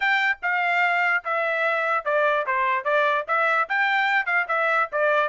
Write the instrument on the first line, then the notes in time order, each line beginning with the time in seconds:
trumpet
0.00 G5
0.42 F5
1.24 E5
2.05 D5
2.46 C5
2.84 D5
3.27 E5
3.68 G5
4.26 F5
4.48 E5
4.91 D5